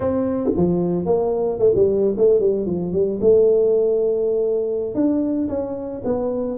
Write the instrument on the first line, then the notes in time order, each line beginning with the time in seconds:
tuba
0.00 C4
0.56 F3
1.05 A#3
1.59 A3
1.75 G3
2.17 A3
2.40 G3
2.66 F3
2.92 G3
3.20 A3
4.94 D4
5.48 C#4
6.04 B3